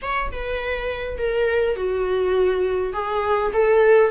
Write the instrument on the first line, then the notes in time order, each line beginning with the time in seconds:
viola
0.02 C#5
0.31 B4
1.18 A#4
1.76 F#4
2.93 G#4
3.53 A4